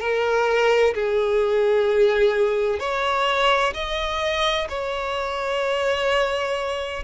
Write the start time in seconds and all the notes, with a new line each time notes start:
0.00 A#4
0.94 G#4
2.80 C#5
3.74 D#5
4.69 C#5